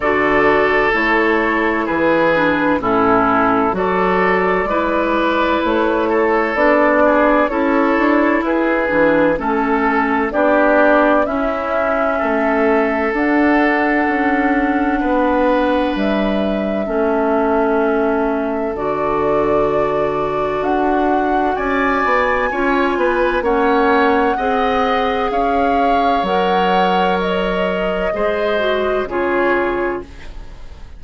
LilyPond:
<<
  \new Staff \with { instrumentName = "flute" } { \time 4/4 \tempo 4 = 64 d''4 cis''4 b'4 a'4 | d''2 cis''4 d''4 | cis''4 b'4 a'4 d''4 | e''2 fis''2~ |
fis''4 e''2. | d''2 fis''4 gis''4~ | gis''4 fis''2 f''4 | fis''4 dis''2 cis''4 | }
  \new Staff \with { instrumentName = "oboe" } { \time 4/4 a'2 gis'4 e'4 | a'4 b'4. a'4 gis'8 | a'4 gis'4 a'4 g'4 | e'4 a'2. |
b'2 a'2~ | a'2. d''4 | cis''8 b'8 cis''4 dis''4 cis''4~ | cis''2 c''4 gis'4 | }
  \new Staff \with { instrumentName = "clarinet" } { \time 4/4 fis'4 e'4. d'8 cis'4 | fis'4 e'2 d'4 | e'4. d'8 cis'4 d'4 | cis'2 d'2~ |
d'2 cis'2 | fis'1 | f'4 cis'4 gis'2 | ais'2 gis'8 fis'8 f'4 | }
  \new Staff \with { instrumentName = "bassoon" } { \time 4/4 d4 a4 e4 a,4 | fis4 gis4 a4 b4 | cis'8 d'8 e'8 e8 a4 b4 | cis'4 a4 d'4 cis'4 |
b4 g4 a2 | d2 d'4 cis'8 b8 | cis'8 b8 ais4 c'4 cis'4 | fis2 gis4 cis4 | }
>>